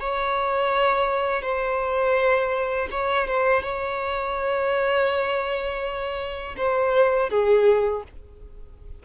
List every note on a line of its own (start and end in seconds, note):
0.00 1.42 C#5
1.42 2.88 C5
2.91 3.27 C#5
3.27 3.63 C5
3.63 6.55 C#5
6.57 7.30 C5
7.30 8.03 G#4